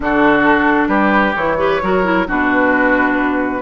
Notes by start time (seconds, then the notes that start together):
0.00 D3 D4 F#4 A4
0.87 G3 G4 B4
1.35 E3 E4 C#5
1.58 G4 B4
1.81 F#3 F#4 A#4
2.03 E4
2.27 B2 D4 F#4 B4